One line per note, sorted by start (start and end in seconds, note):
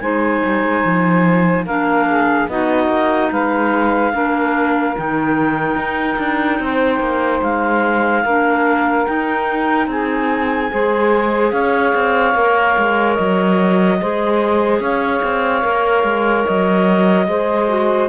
0.00 0.42 G#3
0.00 1.66 D#4
0.00 1.65 C5
0.00 1.64 G#5
0.45 0.63 G3
0.63 0.83 G#3
0.85 1.66 F3
1.65 2.47 A#3
1.65 2.49 D4
1.65 2.06 A#4
1.65 2.48 F5
2.08 2.48 G#4
2.47 2.88 B3
2.47 4.12 D#4
2.47 3.30 F#4
2.47 3.31 D#5
2.88 3.29 A#3
3.31 4.13 G#3
3.31 4.13 B4
3.31 4.96 F5
4.12 4.95 A#3
4.12 4.94 D4
4.12 6.60 A#4
4.96 5.75 D#3
4.96 8.24 D#4
4.96 7.42 G5
5.75 6.16 D#4
6.18 6.59 D4
6.59 7.00 C4
6.59 8.23 C5
7.00 7.41 A#3
7.42 8.24 G#3
7.42 9.05 F5
8.23 9.06 A#3
8.23 9.07 D4
8.23 9.87 A#4
9.05 10.69 D#4
9.05 9.87 D#4
9.05 9.87 G5
9.87 10.69 C4
9.87 10.71 G#4
9.87 11.51 G#5
10.69 11.52 G#3
10.69 12.33 G#4
10.69 11.52 C5
11.51 11.93 C#4
11.51 13.98 C#5
11.51 13.14 F5
11.94 12.34 C4
12.33 12.76 A#3
12.33 13.98 A#4
12.77 13.18 G#3
13.14 14.01 F#3
13.14 14.78 D#5
14.01 14.79 G#3
14.01 15.61 G#4
14.01 14.80 C5
14.79 15.21 C#4
14.79 17.27 C#5
14.79 16.45 F5
15.22 15.64 C4
15.61 16.03 A#3
15.61 17.26 A#4
16.03 16.44 G#3
16.45 17.27 F#3
16.45 18.09 D#5
17.27 18.09 G#3
17.27 17.67 G#4
17.27 18.09 C5
17.67 18.08 F#4